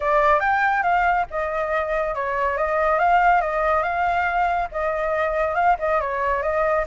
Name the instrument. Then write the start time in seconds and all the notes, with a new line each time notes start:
flute
0.00 D5
0.40 G5
0.82 F5
1.30 D#5
2.14 C#5
2.57 D#5
2.98 F5
3.41 D#5
3.82 F5
4.71 D#5
5.54 F5
5.79 D#5
6.00 C#5
6.42 D#5